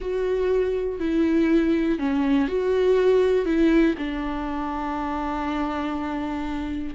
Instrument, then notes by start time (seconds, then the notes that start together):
viola
0.00 F#4
0.99 E4
1.98 C#4
2.47 F#4
3.45 E4
3.97 D4